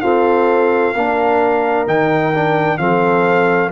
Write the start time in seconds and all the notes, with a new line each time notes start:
0.00 C4 F4 A4 F5
0.94 A#3 D4 A#4
1.87 D#3 D#4 G5
2.34 D4
2.77 F3 C4 A4 F5